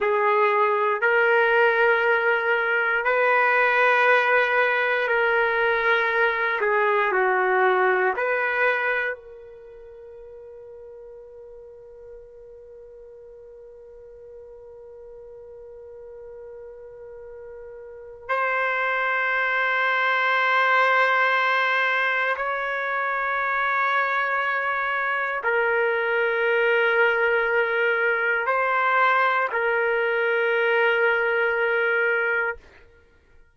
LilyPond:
\new Staff \with { instrumentName = "trumpet" } { \time 4/4 \tempo 4 = 59 gis'4 ais'2 b'4~ | b'4 ais'4. gis'8 fis'4 | b'4 ais'2.~ | ais'1~ |
ais'2 c''2~ | c''2 cis''2~ | cis''4 ais'2. | c''4 ais'2. | }